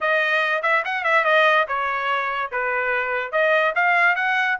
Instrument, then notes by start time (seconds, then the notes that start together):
trumpet
0.00 D#5
0.62 E5
0.84 F#5
1.03 E5
1.24 D#5
1.68 C#5
2.51 B4
3.32 D#5
3.75 F5
4.15 F#5